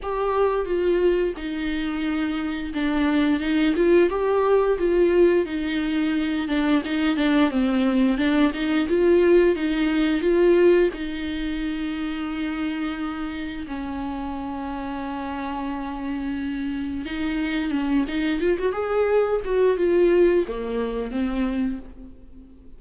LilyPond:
\new Staff \with { instrumentName = "viola" } { \time 4/4 \tempo 4 = 88 g'4 f'4 dis'2 | d'4 dis'8 f'8 g'4 f'4 | dis'4. d'8 dis'8 d'8 c'4 | d'8 dis'8 f'4 dis'4 f'4 |
dis'1 | cis'1~ | cis'4 dis'4 cis'8 dis'8 f'16 fis'16 gis'8~ | gis'8 fis'8 f'4 ais4 c'4 | }